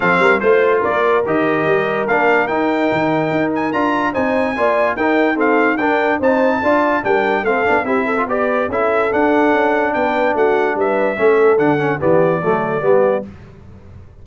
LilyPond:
<<
  \new Staff \with { instrumentName = "trumpet" } { \time 4/4 \tempo 4 = 145 f''4 c''4 d''4 dis''4~ | dis''4 f''4 g''2~ | g''8 gis''8 ais''4 gis''2 | g''4 f''4 g''4 a''4~ |
a''4 g''4 f''4 e''4 | d''4 e''4 fis''2 | g''4 fis''4 e''2 | fis''4 d''2. | }
  \new Staff \with { instrumentName = "horn" } { \time 4/4 a'8 ais'8 c''4 ais'2~ | ais'1~ | ais'2 c''4 d''4 | ais'4 a'4 ais'4 c''4 |
d''4 ais'4 a'4 g'8 a'8 | b'4 a'2. | b'4 fis'4 b'4 a'4~ | a'4 g'4 a'4 g'4 | }
  \new Staff \with { instrumentName = "trombone" } { \time 4/4 c'4 f'2 g'4~ | g'4 d'4 dis'2~ | dis'4 f'4 dis'4 f'4 | dis'4 c'4 d'4 dis'4 |
f'4 d'4 c'8 d'8 e'8. f'16 | g'4 e'4 d'2~ | d'2. cis'4 | d'8 cis'8 b4 a4 b4 | }
  \new Staff \with { instrumentName = "tuba" } { \time 4/4 f8 g8 a4 ais4 dis4 | g4 ais4 dis'4 dis4 | dis'4 d'4 c'4 ais4 | dis'2 d'4 c'4 |
d'4 g4 a8 b8 c'4 | b4 cis'4 d'4 cis'4 | b4 a4 g4 a4 | d4 e4 fis4 g4 | }
>>